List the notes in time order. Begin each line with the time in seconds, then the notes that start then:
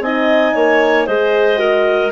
0.00 C4 D#4 D#5 G#5
0.55 A#3 C#5
1.06 G#3 G#4 C5 D#5
1.57 F#4 A#4